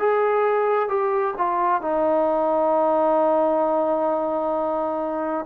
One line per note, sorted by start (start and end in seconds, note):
0.00 0.89 G#4
0.89 1.35 G4
1.38 1.82 F4
1.82 5.46 D#4